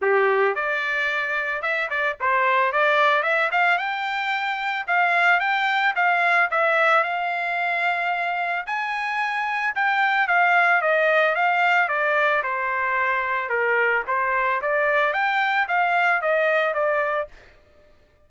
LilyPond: \new Staff \with { instrumentName = "trumpet" } { \time 4/4 \tempo 4 = 111 g'4 d''2 e''8 d''8 | c''4 d''4 e''8 f''8 g''4~ | g''4 f''4 g''4 f''4 | e''4 f''2. |
gis''2 g''4 f''4 | dis''4 f''4 d''4 c''4~ | c''4 ais'4 c''4 d''4 | g''4 f''4 dis''4 d''4 | }